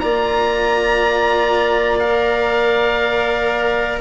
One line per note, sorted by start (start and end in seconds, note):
0.00 4.02 A#3
0.00 2.02 F4
0.00 4.01 D5
0.00 2.00 A#5
2.00 4.02 A#4
2.00 4.00 F5